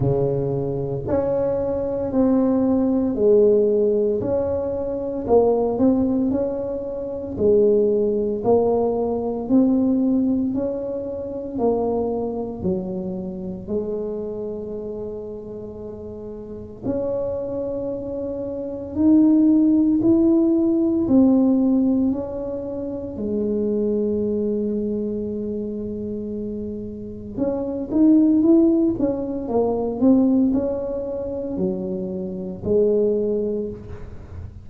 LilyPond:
\new Staff \with { instrumentName = "tuba" } { \time 4/4 \tempo 4 = 57 cis4 cis'4 c'4 gis4 | cis'4 ais8 c'8 cis'4 gis4 | ais4 c'4 cis'4 ais4 | fis4 gis2. |
cis'2 dis'4 e'4 | c'4 cis'4 gis2~ | gis2 cis'8 dis'8 e'8 cis'8 | ais8 c'8 cis'4 fis4 gis4 | }